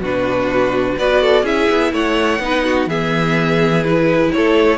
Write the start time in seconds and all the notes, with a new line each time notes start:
0.00 B2 D4 F#4 B4
0.97 B3 F#4 B4 D5
1.21 A4
1.43 C#4 E4 G#4 E5
1.70 B3
1.93 A3 C#5 F#5
2.39 B3 D#4 B4
2.65 F#4
2.87 E3 B3 G#4 E5
3.84 E4 B4
4.32 A3 A4 C#5